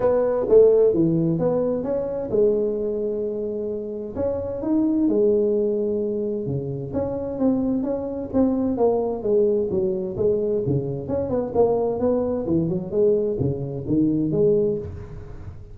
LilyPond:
\new Staff \with { instrumentName = "tuba" } { \time 4/4 \tempo 4 = 130 b4 a4 e4 b4 | cis'4 gis2.~ | gis4 cis'4 dis'4 gis4~ | gis2 cis4 cis'4 |
c'4 cis'4 c'4 ais4 | gis4 fis4 gis4 cis4 | cis'8 b8 ais4 b4 e8 fis8 | gis4 cis4 dis4 gis4 | }